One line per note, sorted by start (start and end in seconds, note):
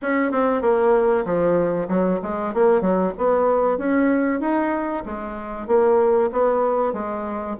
0.01 0.31 C#4
0.31 0.61 C4
0.61 1.24 A#3
1.25 1.88 F3
1.88 2.20 F#3
2.22 2.53 G#3
2.53 2.81 A#3
2.81 3.13 F#3
3.18 3.78 B3
3.78 4.40 C#4
4.40 5.03 D#4
5.05 5.67 G#3
5.67 6.30 A#3
6.32 6.93 B3
6.93 7.56 G#3